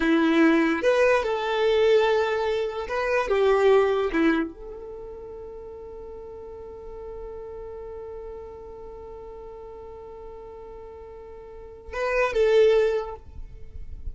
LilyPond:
\new Staff \with { instrumentName = "violin" } { \time 4/4 \tempo 4 = 146 e'2 b'4 a'4~ | a'2. b'4 | g'2 e'4 a'4~ | a'1~ |
a'1~ | a'1~ | a'1~ | a'4 b'4 a'2 | }